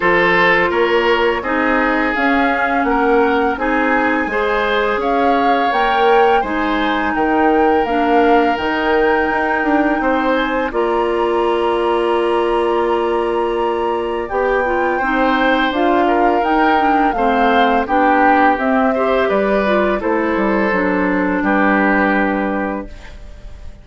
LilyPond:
<<
  \new Staff \with { instrumentName = "flute" } { \time 4/4 \tempo 4 = 84 c''4 cis''4 dis''4 f''4 | fis''4 gis''2 f''4 | g''4 gis''4 g''4 f''4 | g''2~ g''8 gis''8 ais''4~ |
ais''1 | g''2 f''4 g''4 | f''4 g''4 e''4 d''4 | c''2 b'2 | }
  \new Staff \with { instrumentName = "oboe" } { \time 4/4 a'4 ais'4 gis'2 | ais'4 gis'4 c''4 cis''4~ | cis''4 c''4 ais'2~ | ais'2 c''4 d''4~ |
d''1~ | d''4 c''4. ais'4. | c''4 g'4. c''8 b'4 | a'2 g'2 | }
  \new Staff \with { instrumentName = "clarinet" } { \time 4/4 f'2 dis'4 cis'4~ | cis'4 dis'4 gis'2 | ais'4 dis'2 d'4 | dis'2. f'4~ |
f'1 | g'8 f'8 dis'4 f'4 dis'8 d'8 | c'4 d'4 c'8 g'4 f'8 | e'4 d'2. | }
  \new Staff \with { instrumentName = "bassoon" } { \time 4/4 f4 ais4 c'4 cis'4 | ais4 c'4 gis4 cis'4 | ais4 gis4 dis4 ais4 | dis4 dis'8 d'8 c'4 ais4~ |
ais1 | b4 c'4 d'4 dis'4 | a4 b4 c'4 g4 | a8 g8 fis4 g2 | }
>>